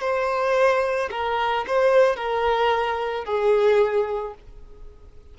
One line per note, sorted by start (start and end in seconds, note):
0.00 1.09 C5
1.10 1.65 A#4
1.67 2.16 C5
2.16 3.24 A#4
3.24 4.33 G#4